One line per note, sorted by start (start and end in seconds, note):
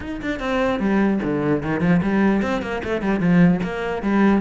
0.00 0.20 D#4
0.21 0.39 D4
0.39 0.79 C4
0.79 1.19 G3
1.23 1.62 D3
1.62 1.80 D#3
1.80 2.00 F3
2.02 2.42 G3
2.42 2.62 C4
2.62 2.82 A#3
2.84 3.01 A3
3.01 3.20 G3
3.20 3.60 F3
3.63 4.02 A#3
4.02 4.41 G3